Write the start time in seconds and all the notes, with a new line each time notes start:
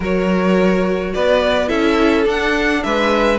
0.00 F#3 F#4 A#4 C#5
1.13 B3 B4 D5
1.67 C#4 E4 A4 E5
2.24 D4 F#5
2.83 G#3 B4 E5